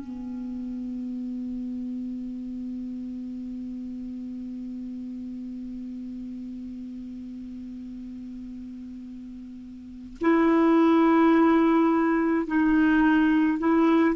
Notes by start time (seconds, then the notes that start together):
0.00 B3
10.21 E4
12.47 D#4
13.59 E4